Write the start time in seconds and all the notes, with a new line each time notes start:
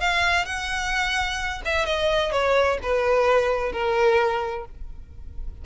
0.00 F5
0.45 F#5
1.65 E5
1.85 D#5
2.32 C#5
2.82 B4
3.72 A#4